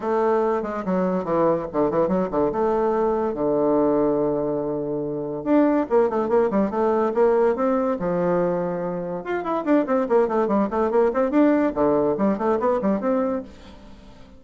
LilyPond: \new Staff \with { instrumentName = "bassoon" } { \time 4/4 \tempo 4 = 143 a4. gis8 fis4 e4 | d8 e8 fis8 d8 a2 | d1~ | d4 d'4 ais8 a8 ais8 g8 |
a4 ais4 c'4 f4~ | f2 f'8 e'8 d'8 c'8 | ais8 a8 g8 a8 ais8 c'8 d'4 | d4 g8 a8 b8 g8 c'4 | }